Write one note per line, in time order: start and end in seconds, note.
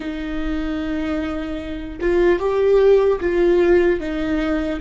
0.00 1.99 D#4
2.00 2.39 F4
2.39 3.19 G4
3.20 4.00 F4
4.00 4.80 D#4